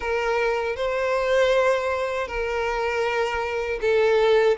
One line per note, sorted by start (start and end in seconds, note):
0.00 0.76 A#4
0.76 2.27 C5
2.27 3.79 A#4
3.81 4.57 A4